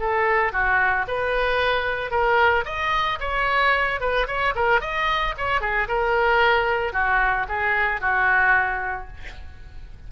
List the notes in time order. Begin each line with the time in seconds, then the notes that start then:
0.00 A4
0.53 F#4
1.08 B4
2.11 A#4
2.66 D#5
3.20 C#5
4.01 B4
4.27 C#5
4.55 A#4
4.81 D#5
5.38 C#5
5.61 G#4
5.89 A#4
6.93 F#4
7.49 G#4
8.01 F#4